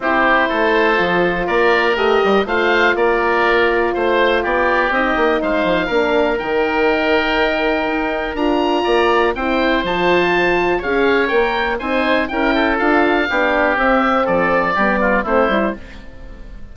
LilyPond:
<<
  \new Staff \with { instrumentName = "oboe" } { \time 4/4 \tempo 4 = 122 c''2. d''4 | dis''4 f''4 d''2 | c''4 d''4 dis''4 f''4~ | f''4 g''2.~ |
g''4 ais''2 g''4 | a''2 f''4 g''4 | gis''4 g''4 f''2 | e''4 d''2 c''4 | }
  \new Staff \with { instrumentName = "oboe" } { \time 4/4 g'4 a'2 ais'4~ | ais'4 c''4 ais'2 | c''4 g'2 c''4 | ais'1~ |
ais'2 d''4 c''4~ | c''2 cis''2 | c''4 ais'8 a'4. g'4~ | g'4 a'4 g'8 f'8 e'4 | }
  \new Staff \with { instrumentName = "horn" } { \time 4/4 e'2 f'2 | g'4 f'2.~ | f'2 dis'2 | d'4 dis'2.~ |
dis'4 f'2 e'4 | f'2 gis'4 ais'4 | dis'4 e'4 f'4 d'4 | c'2 b4 c'8 e'8 | }
  \new Staff \with { instrumentName = "bassoon" } { \time 4/4 c'4 a4 f4 ais4 | a8 g8 a4 ais2 | a4 b4 c'8 ais8 gis8 f8 | ais4 dis2. |
dis'4 d'4 ais4 c'4 | f2 cis'4 ais4 | c'4 cis'4 d'4 b4 | c'4 f4 g4 a8 g8 | }
>>